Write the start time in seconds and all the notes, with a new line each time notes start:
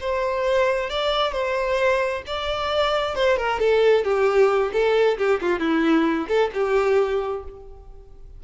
0.00 C5
0.89 D5
1.32 C5
2.26 D5
3.15 C5
3.37 A#4
3.59 A4
4.04 G4
4.72 A4
5.17 G4
5.41 F4
5.59 E4
6.28 A4
6.53 G4